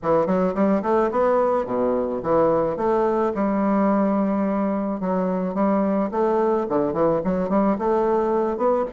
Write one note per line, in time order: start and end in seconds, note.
0.02 0.26 E3
0.26 0.54 F#3
0.54 0.82 G3
0.82 1.10 A3
1.11 1.65 B3
1.65 2.21 B2
2.22 2.76 E3
2.76 3.32 A3
3.34 5.00 G3
5.00 5.54 F#3
5.54 6.10 G3
6.11 6.66 A3
6.69 6.93 D3
6.93 7.20 E3
7.24 7.49 F#3
7.49 7.77 G3
7.78 8.57 A3
8.57 8.85 B3